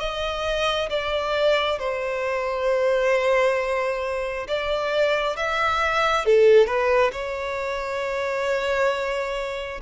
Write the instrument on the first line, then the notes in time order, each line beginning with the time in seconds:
violin
0.00 D#5
0.90 D5
1.79 C5
4.48 D5
5.36 E5
6.26 A4
6.66 B4
7.12 C#5